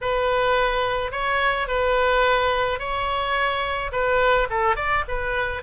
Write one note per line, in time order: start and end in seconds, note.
0.01 1.11 B4
1.11 1.67 C#5
1.67 2.79 B4
2.79 3.91 C#5
3.92 4.48 B4
4.50 4.76 A4
4.76 5.04 D5
5.07 5.62 B4